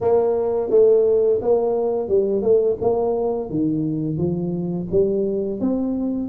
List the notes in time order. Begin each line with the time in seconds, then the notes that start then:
0.00 A#3
0.70 A3
1.41 A#3
2.08 G3
2.42 A3
2.81 A#3
3.50 D#3
4.17 F3
4.91 G3
5.60 C4